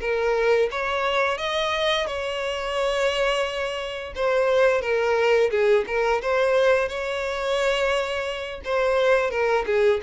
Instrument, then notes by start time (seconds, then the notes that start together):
violin
0.00 A#4
0.71 C#5
1.38 D#5
2.06 C#5
4.15 C5
4.81 A#4
5.50 G#4
5.87 A#4
6.22 C5
6.88 C#5
8.64 C5
9.30 A#4
9.66 G#4